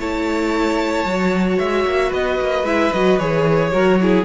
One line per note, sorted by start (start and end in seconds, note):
0.00 1.05 A3
0.00 1.06 E4
0.00 2.09 C#5
0.00 1.59 A5
1.05 1.58 F#3
1.05 2.66 F#4
1.59 1.85 G#3
1.59 2.13 E5
1.85 2.12 A#3
2.09 2.40 B3
2.09 3.70 B4
2.09 2.67 D#5
2.41 2.64 A#3
2.64 2.91 G#3
2.64 2.93 E4
2.64 2.93 E5
2.93 3.20 F#3
2.93 3.20 F#4
2.93 3.19 D#5
3.19 3.73 E3
3.19 3.73 G#4
3.19 4.26 C#5
3.73 4.26 F#3
3.73 3.99 F#4
3.73 4.00 A#4
4.02 4.26 E4
4.02 4.26 G#4